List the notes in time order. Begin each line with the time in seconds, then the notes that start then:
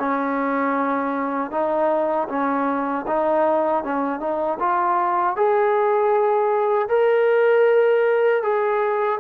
0.00 C#4
1.51 D#4
2.29 C#4
3.07 D#4
3.85 C#4
4.20 D#4
4.60 F4
5.37 G#4
6.89 A#4
8.43 G#4